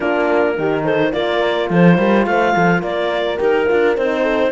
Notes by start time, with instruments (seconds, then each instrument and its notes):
0.00 cello A#3, horn D4 F4, clarinet A#4
0.56 cello D#3, horn D#4 G4
0.84 horn A4, clarinet C5
1.12 cello A#3, horn F4 A#4, clarinet D5
1.69 cello F3, horn A4, clarinet C5
1.97 cello G3, horn A#4
2.25 cello A3, horn C5, clarinet F5
2.54 cello F3, horn A4
2.80 cello A#3, horn A#4, clarinet D5
3.37 cello D#4, horn G4, clarinet A#4
3.68 cello D4, horn F4
3.96 cello C4, horn D#4, clarinet C5
4.22 horn A4